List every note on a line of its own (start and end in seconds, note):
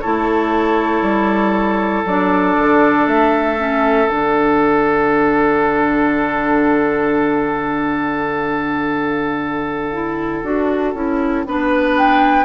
0.00 1.02 A3
0.00 2.07 E4
0.00 11.45 A4
0.00 2.03 C#5
1.02 2.03 G3
2.04 2.55 F#3
2.04 3.57 D4
2.04 3.07 D5
2.58 3.06 D3
3.06 4.08 A3
3.06 4.08 E5
3.57 4.08 C#4
4.08 10.43 D3
4.08 9.93 D4
4.08 11.96 F#5
9.93 10.43 E4
10.43 10.94 D4
10.43 10.94 F#4
10.94 11.45 C#4
10.94 11.45 E4
11.46 12.44 B3
11.46 12.44 D4
11.46 12.44 B4
11.97 12.44 G5